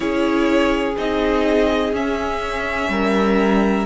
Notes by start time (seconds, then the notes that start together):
0.00 C#4 E4 G#4 C#5
0.97 C4 D#4 D#5
1.93 C#4 E5
2.88 G3 A#4